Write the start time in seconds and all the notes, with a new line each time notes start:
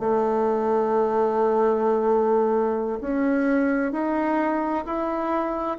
0.00 A3
3.01 C#4
3.93 D#4
4.86 E4